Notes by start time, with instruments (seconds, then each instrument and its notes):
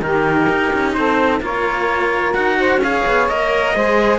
0.00 cello D#3 D#4, saxophone G4, trumpet A#4
0.49 cello D#4
0.73 cello C#4
0.93 cello C4, saxophone A4, trumpet C5
1.40 cello A#3 F4, saxophone A#4, trumpet C#5
2.34 cello D#4 F#4, trumpet F#5
2.58 saxophone C5
2.77 cello C#4, saxophone C#5, trumpet F5
2.84 cello G#4
3.06 cello B3
3.28 cello A#3 A#4, trumpet D#5
3.74 cello G#3 G#4, saxophone C5